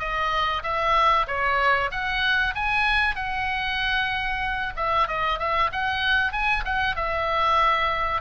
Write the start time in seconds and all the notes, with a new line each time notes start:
0.00 D#5
0.63 E5
1.28 C#5
1.91 F#5
2.56 G#5
3.16 F#5
4.77 E5
5.08 D#5
5.39 E5
5.72 F#5
6.33 G#5
6.65 F#5
6.96 E5